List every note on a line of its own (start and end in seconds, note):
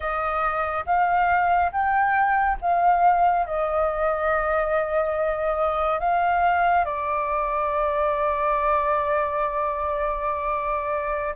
0.00 0.85 D#5
0.86 1.71 F5
1.71 2.57 G5
2.61 3.46 F5
3.46 5.99 D#5
5.99 6.84 F5
6.84 11.34 D5